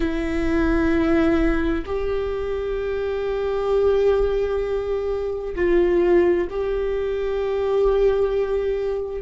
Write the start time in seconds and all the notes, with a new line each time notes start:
0.00 E4
1.85 G4
5.55 F4
6.50 G4